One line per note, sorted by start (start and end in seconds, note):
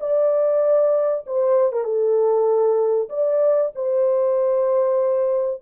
0.00 1.25 D5
1.26 1.72 C5
1.72 1.84 A#4
1.84 3.09 A4
3.09 3.72 D5
3.75 5.62 C5